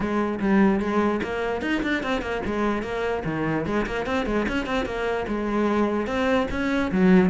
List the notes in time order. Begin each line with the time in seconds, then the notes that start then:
0.00 G#3
0.39 G3
0.79 G#3
1.23 A#3
1.61 D#4
1.82 D4
2.03 C4
2.21 A#3
2.45 G#3
2.82 A#3
3.25 D#3
3.65 G#3
3.86 A#3
4.06 C4
4.25 G#3
4.48 C#4
4.66 C4
4.85 A#3
5.28 G#3
6.06 C4
6.50 C#4
6.91 F#3